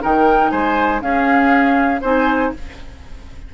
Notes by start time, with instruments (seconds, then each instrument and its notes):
0.00 bassoon D#3, clarinet D#4, oboe A#4, flute G5
0.50 bassoon G#3, oboe C5, flute G#5
1.00 clarinet C#4, bassoon C#4, oboe G#4, flute F5
2.01 bassoon C4, clarinet D#4, oboe C5, flute G#5